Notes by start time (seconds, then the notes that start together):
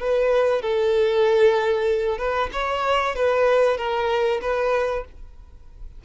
0.00 B4
0.62 A4
2.19 B4
2.53 C#5
3.16 B4
3.78 A#4
4.42 B4